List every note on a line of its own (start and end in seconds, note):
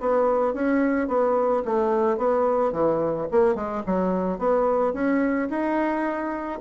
0.00 0.54 B3
0.54 1.08 C#4
1.08 1.63 B3
1.65 2.17 A3
2.17 2.72 B3
2.72 3.27 E3
3.31 3.55 A#3
3.55 3.82 G#3
3.86 4.38 F#3
4.38 4.93 B3
4.93 5.48 C#4
5.50 6.60 D#4